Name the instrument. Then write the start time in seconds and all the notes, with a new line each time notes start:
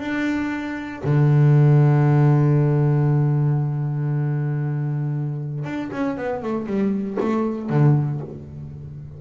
double bass
0.00 D4
1.04 D3
5.65 D4
5.92 C#4
6.18 B3
6.43 A3
6.67 G3
7.20 A3
7.70 D3